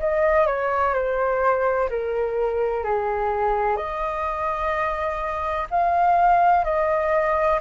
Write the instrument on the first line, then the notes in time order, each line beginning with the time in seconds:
flute
0.00 D#5
0.47 C#5
0.94 C5
1.90 A#4
2.84 G#4
3.77 D#5
5.71 F5
6.65 D#5